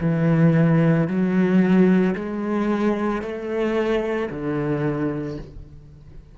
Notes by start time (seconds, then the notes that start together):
0.00 E3
1.07 F#3
2.15 G#3
3.21 A3
4.31 D3